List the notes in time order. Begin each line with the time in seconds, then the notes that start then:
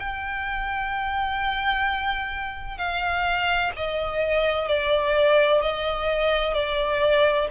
0.00 G5
2.78 F5
3.77 D#5
4.68 D5
5.62 D#5
6.55 D5